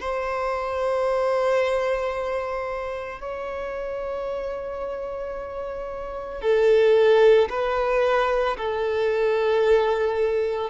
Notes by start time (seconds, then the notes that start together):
0.00 C5
3.20 C#5
6.41 A4
7.49 B4
8.57 A4